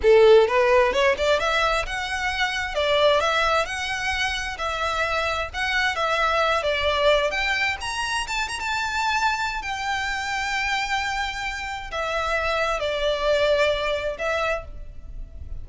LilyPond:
\new Staff \with { instrumentName = "violin" } { \time 4/4 \tempo 4 = 131 a'4 b'4 cis''8 d''8 e''4 | fis''2 d''4 e''4 | fis''2 e''2 | fis''4 e''4. d''4. |
g''4 ais''4 a''8 ais''16 a''4~ a''16~ | a''4 g''2.~ | g''2 e''2 | d''2. e''4 | }